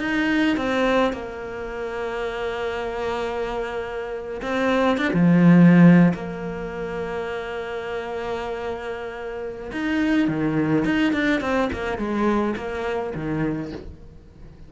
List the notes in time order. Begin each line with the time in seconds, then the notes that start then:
0.00 D#4
0.57 C4
1.13 A#3
4.42 C4
4.98 D4
5.14 F3
6.14 A#3
9.72 D#4
10.28 D#3
10.85 D#4
11.13 D4
11.41 C4
11.73 A#3
11.98 G#3
12.56 A#3
13.15 D#3